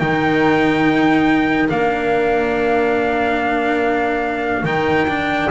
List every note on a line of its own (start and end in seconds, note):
0.00 1.70 D#3
0.00 1.69 D#4
0.00 5.49 A#4
0.00 1.69 G5
1.69 4.63 A#3
1.69 4.65 D4
1.69 4.66 F5
4.63 5.48 D#3
4.63 5.08 D#4
4.63 5.50 G5
5.08 5.51 D4